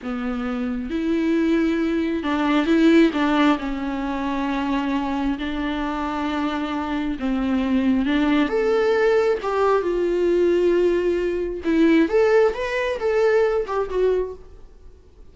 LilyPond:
\new Staff \with { instrumentName = "viola" } { \time 4/4 \tempo 4 = 134 b2 e'2~ | e'4 d'4 e'4 d'4 | cis'1 | d'1 |
c'2 d'4 a'4~ | a'4 g'4 f'2~ | f'2 e'4 a'4 | b'4 a'4. g'8 fis'4 | }